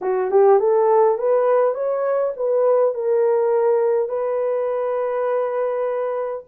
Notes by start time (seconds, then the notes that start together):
0.01 F#4
0.30 G4
0.59 A4
1.18 B4
1.74 C#5
2.36 B4
2.94 A#4
4.09 B4